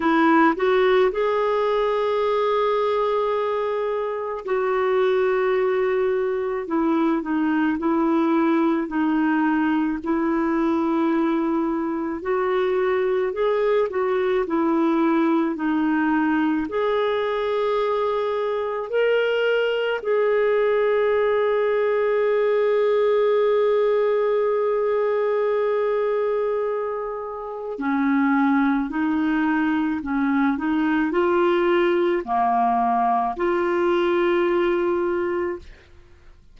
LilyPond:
\new Staff \with { instrumentName = "clarinet" } { \time 4/4 \tempo 4 = 54 e'8 fis'8 gis'2. | fis'2 e'8 dis'8 e'4 | dis'4 e'2 fis'4 | gis'8 fis'8 e'4 dis'4 gis'4~ |
gis'4 ais'4 gis'2~ | gis'1~ | gis'4 cis'4 dis'4 cis'8 dis'8 | f'4 ais4 f'2 | }